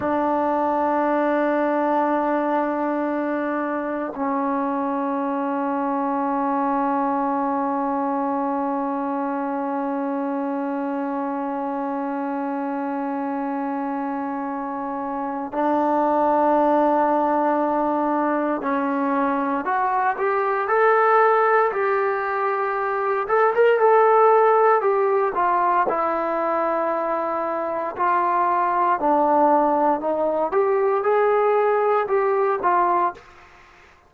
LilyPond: \new Staff \with { instrumentName = "trombone" } { \time 4/4 \tempo 4 = 58 d'1 | cis'1~ | cis'1~ | cis'2. d'4~ |
d'2 cis'4 fis'8 g'8 | a'4 g'4. a'16 ais'16 a'4 | g'8 f'8 e'2 f'4 | d'4 dis'8 g'8 gis'4 g'8 f'8 | }